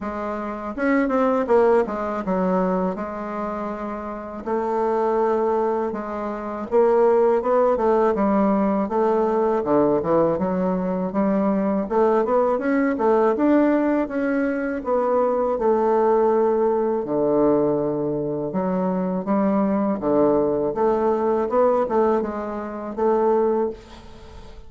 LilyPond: \new Staff \with { instrumentName = "bassoon" } { \time 4/4 \tempo 4 = 81 gis4 cis'8 c'8 ais8 gis8 fis4 | gis2 a2 | gis4 ais4 b8 a8 g4 | a4 d8 e8 fis4 g4 |
a8 b8 cis'8 a8 d'4 cis'4 | b4 a2 d4~ | d4 fis4 g4 d4 | a4 b8 a8 gis4 a4 | }